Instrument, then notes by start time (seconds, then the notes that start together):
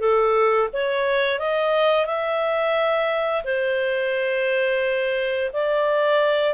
clarinet
0.00 A4
0.73 C#5
1.39 D#5
2.06 E5
3.44 C5
5.53 D5